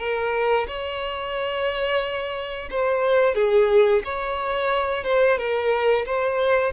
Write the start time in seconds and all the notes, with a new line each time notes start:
0.00 A#4
0.68 C#5
2.71 C5
3.36 G#4
4.05 C#5
5.05 C5
5.38 A#4
6.06 C5